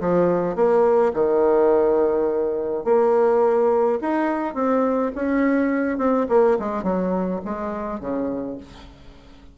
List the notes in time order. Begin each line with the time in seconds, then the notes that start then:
0.00 F3
0.55 A#3
1.14 D#3
2.84 A#3
4.01 D#4
4.54 C4
5.15 C#4
5.98 C4
6.29 A#3
6.59 G#3
6.83 F#3
7.45 G#3
8.00 C#3